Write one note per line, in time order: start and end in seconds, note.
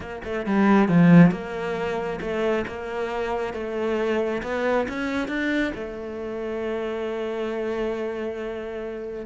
0.00 0.21 A#3
0.24 0.46 A3
0.46 0.88 G3
0.88 1.31 F3
1.31 2.19 A#3
2.21 2.65 A3
2.67 3.53 A#3
3.53 4.41 A3
4.43 4.87 B3
4.88 5.28 C#4
5.28 5.72 D4
5.74 9.25 A3